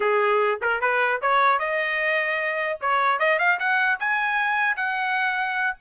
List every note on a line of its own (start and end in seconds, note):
0.00 0.59 G#4
0.61 0.80 A#4
0.80 1.20 B4
1.21 1.59 C#5
1.59 2.79 D#5
2.81 3.19 C#5
3.19 3.39 D#5
3.39 3.59 F5
3.59 3.99 F#5
3.99 4.76 G#5
4.76 5.76 F#5